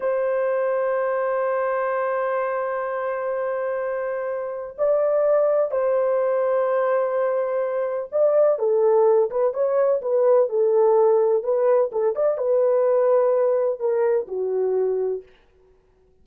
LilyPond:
\new Staff \with { instrumentName = "horn" } { \time 4/4 \tempo 4 = 126 c''1~ | c''1~ | c''2 d''2 | c''1~ |
c''4 d''4 a'4. b'8 | cis''4 b'4 a'2 | b'4 a'8 d''8 b'2~ | b'4 ais'4 fis'2 | }